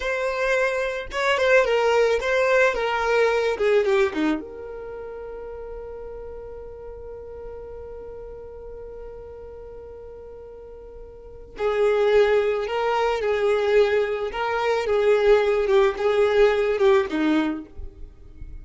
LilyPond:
\new Staff \with { instrumentName = "violin" } { \time 4/4 \tempo 4 = 109 c''2 cis''8 c''8 ais'4 | c''4 ais'4. gis'8 g'8 dis'8 | ais'1~ | ais'1~ |
ais'1~ | ais'4 gis'2 ais'4 | gis'2 ais'4 gis'4~ | gis'8 g'8 gis'4. g'8 dis'4 | }